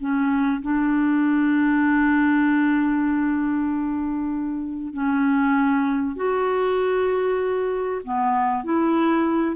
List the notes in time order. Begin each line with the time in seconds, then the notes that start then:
0.00 C#4
0.62 D4
4.93 C#4
6.16 F#4
8.04 B3
8.64 E4